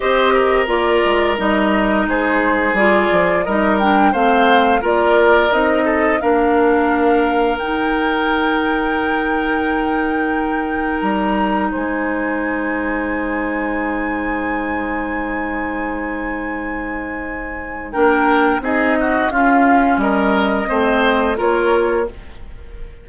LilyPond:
<<
  \new Staff \with { instrumentName = "flute" } { \time 4/4 \tempo 4 = 87 dis''4 d''4 dis''4 c''4 | d''4 dis''8 g''8 f''4 d''4 | dis''4 f''2 g''4~ | g''1 |
ais''4 gis''2.~ | gis''1~ | gis''2 g''4 dis''4 | f''4 dis''2 cis''4 | }
  \new Staff \with { instrumentName = "oboe" } { \time 4/4 c''8 ais'2~ ais'8 gis'4~ | gis'4 ais'4 c''4 ais'4~ | ais'8 a'8 ais'2.~ | ais'1~ |
ais'4 c''2.~ | c''1~ | c''2 ais'4 gis'8 fis'8 | f'4 ais'4 c''4 ais'4 | }
  \new Staff \with { instrumentName = "clarinet" } { \time 4/4 g'4 f'4 dis'2 | f'4 dis'8 d'8 c'4 f'4 | dis'4 d'2 dis'4~ | dis'1~ |
dis'1~ | dis'1~ | dis'2 d'4 dis'4 | cis'2 c'4 f'4 | }
  \new Staff \with { instrumentName = "bassoon" } { \time 4/4 c'4 ais8 gis8 g4 gis4 | g8 f8 g4 a4 ais4 | c'4 ais2 dis'4~ | dis'1 |
g4 gis2.~ | gis1~ | gis2 ais4 c'4 | cis'4 g4 a4 ais4 | }
>>